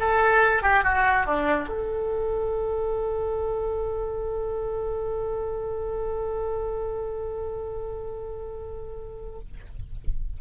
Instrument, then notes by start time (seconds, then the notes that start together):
oboe
0.00 A4
0.63 G4
0.84 F#4
1.26 D4
1.69 A4